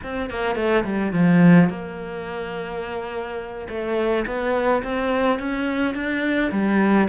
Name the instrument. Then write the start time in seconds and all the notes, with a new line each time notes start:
cello
0.03 C4
0.30 A#3
0.55 A3
0.84 G3
1.12 F3
1.69 A#3
3.69 A3
4.26 B3
4.83 C4
5.39 C#4
5.94 D4
6.51 G3